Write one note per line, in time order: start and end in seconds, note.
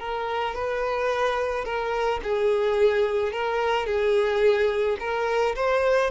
0.00 0.55 A#4
0.55 1.65 B4
1.65 2.21 A#4
2.23 3.33 G#4
3.33 3.86 A#4
3.86 4.97 G#4
5.00 5.55 A#4
5.56 6.11 C5